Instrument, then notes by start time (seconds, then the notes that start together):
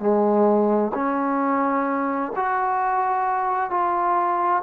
trombone
0.00 G#3
0.94 C#4
2.36 F#4
3.71 F4